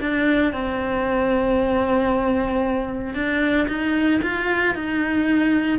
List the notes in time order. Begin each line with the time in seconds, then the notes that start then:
0.00 D4
0.53 C4
3.14 D4
3.68 D#4
4.22 F4
4.75 D#4